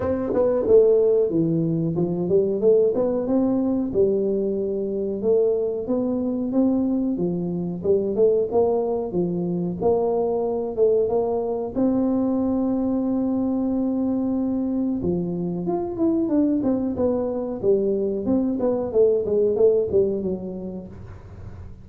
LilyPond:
\new Staff \with { instrumentName = "tuba" } { \time 4/4 \tempo 4 = 92 c'8 b8 a4 e4 f8 g8 | a8 b8 c'4 g2 | a4 b4 c'4 f4 | g8 a8 ais4 f4 ais4~ |
ais8 a8 ais4 c'2~ | c'2. f4 | f'8 e'8 d'8 c'8 b4 g4 | c'8 b8 a8 gis8 a8 g8 fis4 | }